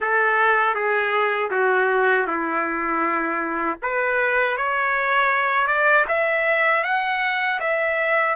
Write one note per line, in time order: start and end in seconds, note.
0.00 0.74 A4
0.74 1.50 G#4
1.51 2.26 F#4
2.26 3.78 E4
3.82 4.57 B4
4.57 5.67 C#5
5.67 6.05 D5
6.08 6.83 E5
6.83 7.59 F#5
7.59 8.35 E5